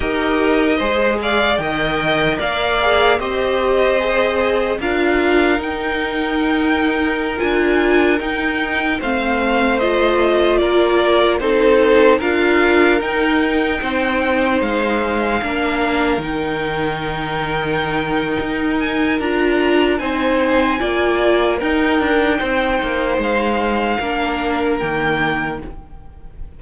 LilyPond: <<
  \new Staff \with { instrumentName = "violin" } { \time 4/4 \tempo 4 = 75 dis''4. f''8 g''4 f''4 | dis''2 f''4 g''4~ | g''4~ g''16 gis''4 g''4 f''8.~ | f''16 dis''4 d''4 c''4 f''8.~ |
f''16 g''2 f''4.~ f''16~ | f''16 g''2.~ g''16 gis''8 | ais''4 gis''2 g''4~ | g''4 f''2 g''4 | }
  \new Staff \with { instrumentName = "violin" } { \time 4/4 ais'4 c''8 d''8 dis''4 d''4 | c''2 ais'2~ | ais'2.~ ais'16 c''8.~ | c''4~ c''16 ais'4 a'4 ais'8.~ |
ais'4~ ais'16 c''2 ais'8.~ | ais'1~ | ais'4 c''4 d''4 ais'4 | c''2 ais'2 | }
  \new Staff \with { instrumentName = "viola" } { \time 4/4 g'4 gis'4 ais'4. gis'8 | g'4 gis'4 f'4 dis'4~ | dis'4~ dis'16 f'4 dis'4 c'8.~ | c'16 f'2 dis'4 f'8.~ |
f'16 dis'2. d'8.~ | d'16 dis'2.~ dis'8. | f'4 dis'4 f'4 dis'4~ | dis'2 d'4 ais4 | }
  \new Staff \with { instrumentName = "cello" } { \time 4/4 dis'4 gis4 dis4 ais4 | c'2 d'4 dis'4~ | dis'4~ dis'16 d'4 dis'4 a8.~ | a4~ a16 ais4 c'4 d'8.~ |
d'16 dis'4 c'4 gis4 ais8.~ | ais16 dis2~ dis8. dis'4 | d'4 c'4 ais4 dis'8 d'8 | c'8 ais8 gis4 ais4 dis4 | }
>>